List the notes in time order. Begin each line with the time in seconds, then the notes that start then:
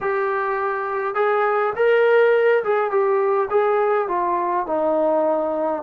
0.00 G4
1.14 G#4
1.76 A#4
2.63 G#4
2.90 G4
3.50 G#4
4.08 F4
4.66 D#4